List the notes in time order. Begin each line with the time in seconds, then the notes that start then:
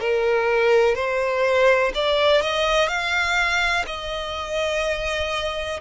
0.00 A#4
0.95 C5
1.94 D5
2.42 D#5
2.88 F5
3.87 D#5